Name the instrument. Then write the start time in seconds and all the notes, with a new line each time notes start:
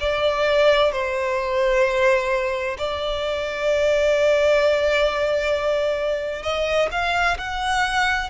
violin
0.00 D5
0.92 C5
2.78 D5
6.42 D#5
6.91 F5
7.38 F#5